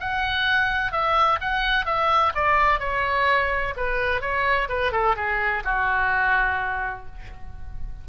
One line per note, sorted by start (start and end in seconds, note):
0.00 0.92 F#5
0.92 1.39 E5
1.41 1.86 F#5
1.86 2.33 E5
2.35 2.80 D5
2.80 3.74 C#5
3.76 4.21 B4
4.21 4.68 C#5
4.69 4.92 B4
4.92 5.16 A4
5.16 5.63 G#4
5.64 7.06 F#4